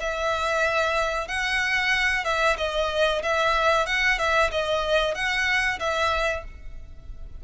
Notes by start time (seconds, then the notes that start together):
0.00 E5
1.28 F#5
2.24 E5
2.57 D#5
3.22 E5
3.86 F#5
4.18 E5
4.51 D#5
5.14 F#5
5.79 E5